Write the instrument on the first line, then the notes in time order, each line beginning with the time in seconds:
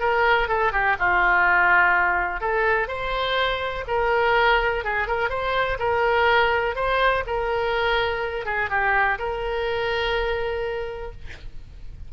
oboe
0.00 A#4
0.48 A4
0.72 G4
0.99 F4
2.41 A4
2.88 C5
3.88 A#4
4.84 G#4
5.08 A#4
5.30 C5
5.79 A#4
6.76 C5
7.27 A#4
8.46 G#4
8.70 G4
9.19 A#4